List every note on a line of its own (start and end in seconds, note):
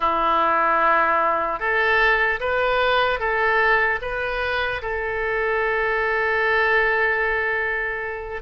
0.00 1.59 E4
1.59 2.39 A4
2.40 3.19 B4
3.19 3.99 A4
4.01 4.81 B4
4.82 8.42 A4